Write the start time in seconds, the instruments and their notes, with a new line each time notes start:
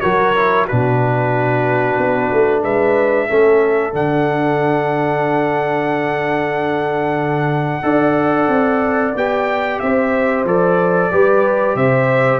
0.00 tuba F#3, trombone F#4, horn A#4, trumpet C#5
0.36 trombone E4
0.66 tuba B2, trombone D4, horn F#4, trumpet B4
1.97 tuba B3
2.33 tuba A3
2.62 tuba G#3, horn B4, trumpet E5
3.29 tuba A3, trombone C#4, horn A4
3.93 tuba D3, trombone D4, trumpet F#5
7.83 tuba D4, trombone A4, horn D5
8.48 tuba C4
9.15 tuba B3, trombone G4, trumpet G5
9.79 tuba C4, horn C5, trumpet E5
10.45 tuba F3, trombone A4, trumpet D5
11.11 tuba G3, trombone G4, horn B4
11.75 tuba C3, horn C5, trumpet E5